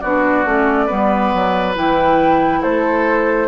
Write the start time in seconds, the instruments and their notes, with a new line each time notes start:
0.00 bassoon B3, clarinet D4, oboe F#4, flute D5
0.45 bassoon A3, clarinet C#4
0.86 bassoon G3, clarinet B3, oboe B4
1.34 bassoon F#3
1.74 bassoon E3, clarinet E4, flute G5
2.61 bassoon A3, oboe A4, flute C5